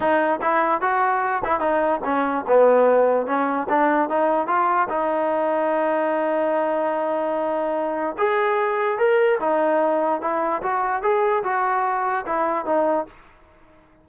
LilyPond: \new Staff \with { instrumentName = "trombone" } { \time 4/4 \tempo 4 = 147 dis'4 e'4 fis'4. e'8 | dis'4 cis'4 b2 | cis'4 d'4 dis'4 f'4 | dis'1~ |
dis'1 | gis'2 ais'4 dis'4~ | dis'4 e'4 fis'4 gis'4 | fis'2 e'4 dis'4 | }